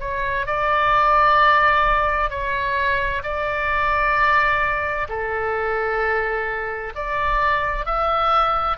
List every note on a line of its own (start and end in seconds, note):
0.00 0.46 C#5
0.46 2.30 D5
2.30 3.22 C#5
3.23 5.08 D5
5.09 6.93 A4
6.95 7.85 D5
7.85 8.77 E5